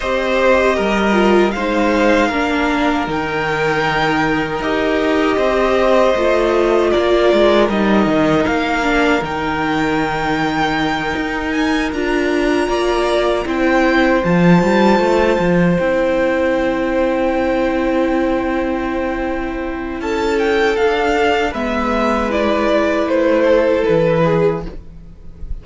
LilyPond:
<<
  \new Staff \with { instrumentName = "violin" } { \time 4/4 \tempo 4 = 78 dis''2 f''2 | g''2 dis''2~ | dis''4 d''4 dis''4 f''4 | g''2. gis''8 ais''8~ |
ais''4. g''4 a''4.~ | a''8 g''2.~ g''8~ | g''2 a''8 g''8 f''4 | e''4 d''4 c''4 b'4 | }
  \new Staff \with { instrumentName = "violin" } { \time 4/4 c''4 ais'4 c''4 ais'4~ | ais'2. c''4~ | c''4 ais'2.~ | ais'1~ |
ais'8 d''4 c''2~ c''8~ | c''1~ | c''2 a'2 | b'2~ b'8 a'4 gis'8 | }
  \new Staff \with { instrumentName = "viola" } { \time 4/4 g'4. f'8 dis'4 d'4 | dis'2 g'2 | f'2 dis'4. d'8 | dis'2.~ dis'8 f'8~ |
f'4. e'4 f'4.~ | f'8 e'2.~ e'8~ | e'2. d'4 | b4 e'2. | }
  \new Staff \with { instrumentName = "cello" } { \time 4/4 c'4 g4 gis4 ais4 | dis2 dis'4 c'4 | a4 ais8 gis8 g8 dis8 ais4 | dis2~ dis8 dis'4 d'8~ |
d'8 ais4 c'4 f8 g8 a8 | f8 c'2.~ c'8~ | c'2 cis'4 d'4 | gis2 a4 e4 | }
>>